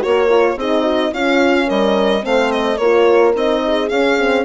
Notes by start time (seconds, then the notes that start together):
0.00 A#3 F#4 A#4 C#5
0.29 F4
0.56 C4 D#4 G#4 D#5
0.83 F#4
1.12 C#4 F4 F5
1.67 G3 A#4 D#5
2.21 A3 C4 C5 F5
2.52 D#5
2.77 A#3 F4 A#4 C#5
3.34 C4 D#4 D#5
3.66 G#4
3.89 C#4 F5
4.18 C4